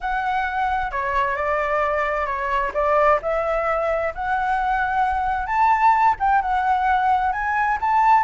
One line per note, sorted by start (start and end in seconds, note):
0.00 0.91 F#5
0.91 1.36 C#5
1.36 2.26 D5
2.26 2.71 C#5
2.74 3.19 D5
3.22 4.13 E5
4.15 5.46 F#5
5.46 6.15 A5
6.19 6.41 G5
6.41 7.32 F#5
7.32 7.78 G#5
7.80 8.23 A5